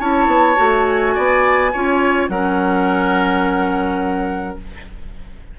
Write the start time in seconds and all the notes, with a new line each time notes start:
0.00 C#4 E4 C#5 A5
0.27 B3
0.57 A3 F#4
0.87 G#5
1.15 B3 D5
1.73 C#4 F4 C#5
2.29 F#3 C#4 A#4 F#5